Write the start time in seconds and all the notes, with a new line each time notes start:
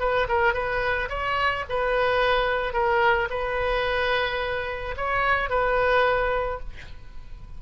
0.00 B4
0.29 A#4
0.54 B4
1.10 C#5
1.70 B4
2.74 A#4
3.30 B4
4.97 C#5
5.50 B4